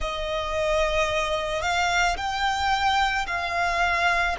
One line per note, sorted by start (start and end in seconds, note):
0.00 1.62 D#5
1.62 2.16 F5
2.17 3.26 G5
3.27 4.36 F5